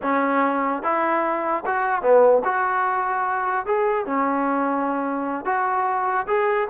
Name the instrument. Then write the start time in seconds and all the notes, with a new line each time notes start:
trombone
0.02 C#4
0.83 E4
1.66 F#4
2.02 B3
2.44 F#4
3.66 G#4
4.06 C#4
5.45 F#4
6.27 G#4